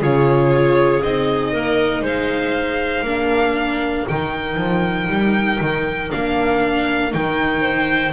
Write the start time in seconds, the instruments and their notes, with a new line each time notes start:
0.00 double bass C#3, viola F4, clarinet G#4, violin C#5
1.02 double bass C4, viola D#4, violin D#5
1.52 double bass A#3, clarinet A#4
2.01 double bass G#3, clarinet C5, violin F5
3.02 double bass A#3, viola D4, clarinet A#4
4.07 double bass D#3, viola D#4, violin G5
4.57 double bass F3
5.08 double bass G3
5.60 double bass D#3
6.10 double bass A#3, viola D4, violin F5
7.11 double bass D#3, viola D#4, violin G5
7.61 clarinet C5